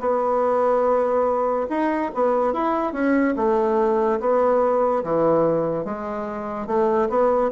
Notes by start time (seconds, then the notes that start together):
0.00 B3
1.70 D#4
2.14 B3
2.53 E4
2.93 C#4
3.36 A3
4.20 B3
5.04 E3
5.85 G#3
6.67 A3
7.09 B3